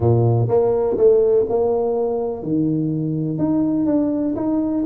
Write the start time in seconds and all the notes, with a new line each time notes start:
0.00 A#2
0.48 A#3
0.97 A3
1.49 A#3
2.42 D#3
3.38 D#4
3.86 D4
4.35 D#4